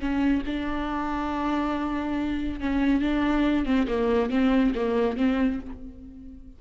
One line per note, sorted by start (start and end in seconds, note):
0.00 0.43 C#4
0.47 2.61 D4
2.61 3.02 C#4
3.02 3.66 D4
3.66 3.87 C4
3.88 4.31 A#3
4.31 4.73 C4
4.75 5.17 A#3
5.17 5.60 C4